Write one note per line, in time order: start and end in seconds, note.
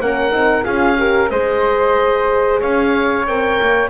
0.00 0.32 A#3
0.00 0.30 C#4
0.00 0.64 A#4
0.00 0.65 F#5
0.30 0.64 C4
0.30 0.63 D#4
0.64 1.30 C#4
0.64 0.97 F4
0.64 0.97 G#4
0.64 1.30 F5
0.97 1.30 G4
0.97 1.31 A#4
1.30 2.61 G#3
1.30 3.27 G#4
1.30 2.60 C5
1.30 2.60 D#5
2.60 3.27 C#4
2.60 3.90 C#5
2.60 3.26 F5
3.27 3.60 C4
3.27 3.90 A#4
3.27 3.90 G5
3.61 3.90 A#3